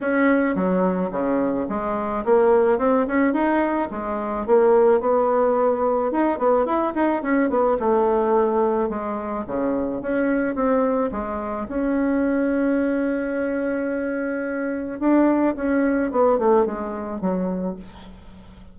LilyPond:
\new Staff \with { instrumentName = "bassoon" } { \time 4/4 \tempo 4 = 108 cis'4 fis4 cis4 gis4 | ais4 c'8 cis'8 dis'4 gis4 | ais4 b2 dis'8 b8 | e'8 dis'8 cis'8 b8 a2 |
gis4 cis4 cis'4 c'4 | gis4 cis'2.~ | cis'2. d'4 | cis'4 b8 a8 gis4 fis4 | }